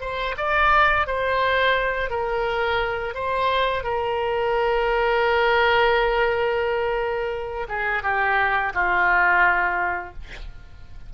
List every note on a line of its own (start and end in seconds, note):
0.00 0.35 C5
0.37 1.07 D5
1.07 2.10 C5
2.10 3.14 A#4
3.14 3.83 C5
3.83 7.67 A#4
7.68 8.03 G#4
8.03 8.72 G4
8.74 10.13 F4